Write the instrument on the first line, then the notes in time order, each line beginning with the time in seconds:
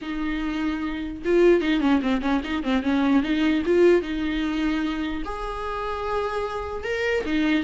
viola
0.01 D#4
1.24 F4
1.61 D#4
1.80 C#4
2.02 C4
2.21 C#4
2.44 D#4
2.63 C4
2.82 C#4
3.22 D#4
3.65 F4
4.02 D#4
5.24 G#4
6.83 A#4
7.25 D#4